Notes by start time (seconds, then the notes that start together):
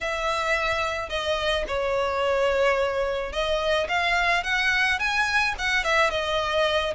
0.00 E5
1.09 D#5
1.67 C#5
3.32 D#5
3.88 F5
4.43 F#5
4.99 G#5
5.58 F#5
5.84 E5
6.10 D#5